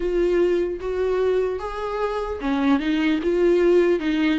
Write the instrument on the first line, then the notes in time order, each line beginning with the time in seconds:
viola
0.00 F4
0.80 F#4
1.59 G#4
2.40 C#4
2.79 D#4
3.23 F4
3.99 D#4